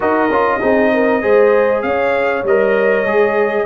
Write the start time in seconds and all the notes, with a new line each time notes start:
0.00 D#4 F#4 A#4 D#5
0.29 C#4 F4
0.61 C4 D#4 G#4
0.93 A#4
1.21 G#3 G#4 C5
1.82 C#4 C#5 F5
2.43 G3 A#4 D#5
3.04 G#3 G#4